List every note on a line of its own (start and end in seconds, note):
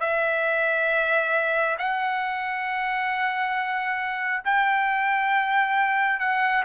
0.00 1.76 E5
1.78 4.43 F#5
4.44 6.20 G5
6.20 6.64 F#5